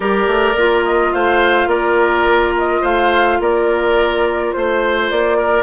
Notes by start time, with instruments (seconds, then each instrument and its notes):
0.00 bassoon G3, clarinet G4, oboe A#4, flute D5
0.26 bassoon A3
0.54 bassoon A#3, clarinet F4
0.85 flute D#5
1.13 bassoon A3, oboe C5, flute F5
1.66 bassoon A#3, oboe A#4, flute D5
2.58 flute D#5
2.81 bassoon A3, oboe C5, flute F5
3.39 bassoon A#3, oboe A#4, flute D5
4.52 bassoon A3, flute C5, oboe C5
5.09 bassoon A#3, flute D5
5.37 oboe A#4